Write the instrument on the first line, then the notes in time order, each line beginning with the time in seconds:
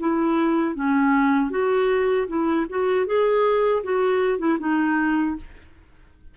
clarinet
0.00 E4
0.75 C#4
1.50 F#4
2.28 E4
2.70 F#4
3.06 G#4
3.83 F#4
4.38 E4
4.59 D#4